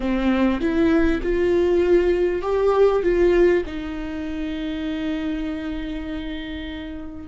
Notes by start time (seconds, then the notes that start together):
0.00 C4
0.60 E4
1.23 F4
2.42 G4
3.02 F4
3.66 D#4